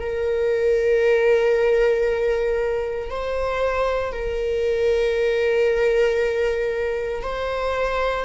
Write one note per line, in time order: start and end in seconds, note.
0.00 3.10 A#4
3.10 4.12 C5
4.12 7.23 A#4
7.23 8.25 C5